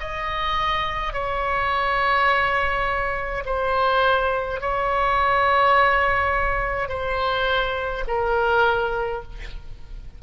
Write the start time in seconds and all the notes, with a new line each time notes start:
0.00 D#5
1.13 C#5
3.46 C5
4.61 C#5
6.89 C5
8.08 A#4